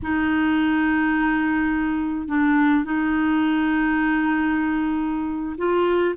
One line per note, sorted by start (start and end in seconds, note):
0.02 2.28 D#4
2.28 2.84 D4
2.84 5.56 D#4
5.57 6.14 F4